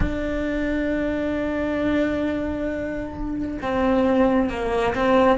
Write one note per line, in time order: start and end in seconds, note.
0.00 3.58 D4
3.61 4.49 C4
4.49 4.94 A#3
4.94 5.38 C4